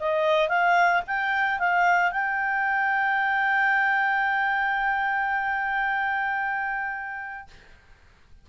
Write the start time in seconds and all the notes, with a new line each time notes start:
0.00 D#5
0.49 F5
1.07 G5
1.59 F5
2.12 G5